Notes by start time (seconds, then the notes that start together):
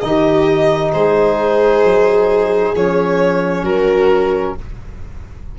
0.00 D#3 D#4 G4 D#5
0.92 G#3 G#4 C5
1.83 F#3
2.74 F3 C#4 C#5
3.63 F#3 F#4 A#4